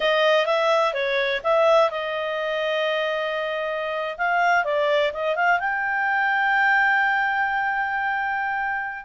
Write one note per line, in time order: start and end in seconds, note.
0.00 0.46 D#5
0.46 0.93 E5
0.93 1.41 C#5
1.43 1.90 E5
1.90 4.16 D#5
4.17 4.64 F5
4.64 5.12 D5
5.13 5.35 D#5
5.35 5.59 F5
5.59 9.05 G5